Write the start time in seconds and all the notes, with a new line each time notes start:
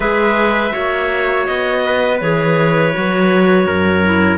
0.00 G#3 G#4 B4 E5
0.71 A#3 F#4 C#5
1.45 B3 D#5
1.85 B4
2.19 E3 G#4 C#5
2.93 F#3 F#4
3.66 F#2 A#4
4.04 E4